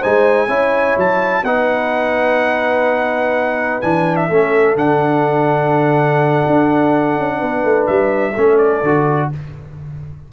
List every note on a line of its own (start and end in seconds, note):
0.00 0.48 G#3
0.00 0.49 D#4
0.00 0.48 C5
0.00 0.98 G#5
0.48 0.96 C#4
0.48 1.44 E4
0.48 1.43 C#5
0.97 1.43 F#3
0.97 1.45 A5
1.43 3.81 B3
1.43 3.83 D#4
1.43 4.28 B4
1.43 3.82 F#5
3.82 4.30 E3
3.82 4.30 D4
3.82 4.16 G#5
4.16 4.76 E5
4.28 4.76 A3
4.28 4.77 C#4
4.28 7.37 A4
4.76 6.43 D3
4.76 8.34 D4
4.76 7.87 F#5
6.47 7.18 D4
7.18 7.42 C#4
7.38 7.64 B3
7.38 8.33 B4
7.64 7.88 A3
7.87 8.37 G3
7.87 8.58 E5
8.35 8.83 A3
8.35 8.85 C#4
8.35 9.30 A4
8.58 9.29 D5
8.83 9.31 D3
8.83 9.33 F#4